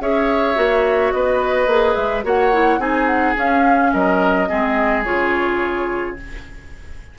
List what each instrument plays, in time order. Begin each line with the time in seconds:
0.00 bassoon C#4, clarinet G#4, oboe C#5, flute E5
0.55 bassoon A#3, clarinet F#4
1.12 bassoon B3, oboe B4, flute D#5
1.67 bassoon A#3, clarinet G#4
1.95 bassoon G#3, flute E5
2.24 bassoon A#3, clarinet F#4, oboe C#5, flute F#5
2.52 clarinet E4
2.79 bassoon C4, clarinet D#4, oboe G#4, flute G#5
3.07 flute F#5
3.36 clarinet C#4, bassoon C#4, flute F5
3.93 bassoon F#3, oboe A#4, flute D#5
4.48 bassoon G#3, clarinet C4, oboe G#4
5.04 bassoon C#3, clarinet F4, flute C#5